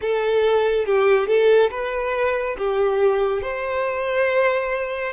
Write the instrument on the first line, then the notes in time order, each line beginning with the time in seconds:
violin
0.01 A4
0.85 G4
1.27 A4
1.70 B4
2.58 G4
3.42 C5